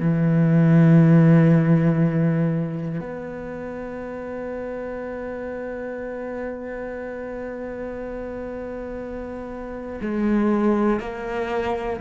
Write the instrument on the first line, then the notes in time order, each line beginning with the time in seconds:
cello
0.00 E3
3.00 B3
10.01 G#3
11.00 A#3